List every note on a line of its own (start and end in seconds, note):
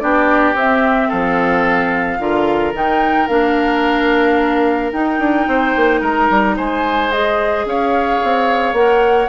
0.00 0.54 B3
0.00 0.55 D4
0.00 1.09 G4
0.00 0.55 D5
0.54 1.09 C4
0.54 2.20 C4
0.54 1.10 E5
1.09 2.19 F3
1.09 2.18 A4
1.09 2.74 F5
2.19 2.74 D3
2.19 2.74 F4
2.19 5.48 A#4
2.74 3.29 D#3
2.74 3.28 D#4
2.74 3.28 G5
3.28 4.93 A#3
3.28 4.93 D4
3.28 4.91 F5
4.93 5.20 D#4
4.93 7.11 D#4
4.93 6.02 G5
5.20 5.47 D4
5.47 5.75 C4
5.47 6.01 C5
5.76 6.02 A#3
6.01 6.29 G#3
6.01 6.56 A#4
6.01 6.57 A#5
6.30 6.58 G3
6.57 7.65 G#3
6.57 7.66 C5
6.57 7.11 G#5
7.11 8.75 G#4
7.11 7.66 D#5
7.65 8.20 C#4
7.65 9.29 C#5
7.65 8.75 F5
8.24 8.73 C4
8.73 9.28 A#3
8.73 9.29 A#4
8.73 9.29 F#5